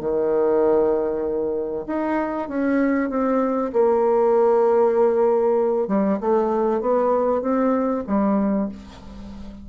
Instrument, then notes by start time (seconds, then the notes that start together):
bassoon
0.00 D#3
1.87 D#4
2.49 C#4
3.10 C4
3.73 A#3
5.87 G3
6.20 A3
6.81 B3
7.41 C4
8.07 G3